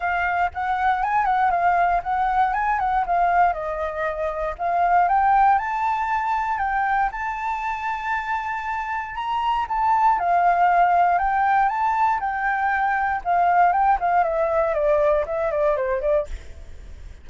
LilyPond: \new Staff \with { instrumentName = "flute" } { \time 4/4 \tempo 4 = 118 f''4 fis''4 gis''8 fis''8 f''4 | fis''4 gis''8 fis''8 f''4 dis''4~ | dis''4 f''4 g''4 a''4~ | a''4 g''4 a''2~ |
a''2 ais''4 a''4 | f''2 g''4 a''4 | g''2 f''4 g''8 f''8 | e''4 d''4 e''8 d''8 c''8 d''8 | }